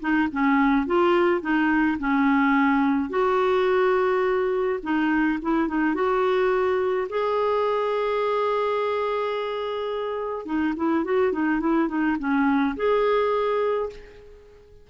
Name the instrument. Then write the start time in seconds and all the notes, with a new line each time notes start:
clarinet
0.00 D#4
0.32 C#4
0.86 F4
1.41 D#4
1.99 C#4
3.10 F#4
4.83 D#4
5.42 E4
5.68 D#4
5.94 F#4
7.09 G#4
10.46 D#4
10.76 E4
11.05 F#4
11.33 D#4
11.60 E4
11.88 D#4
12.19 C#4
12.77 G#4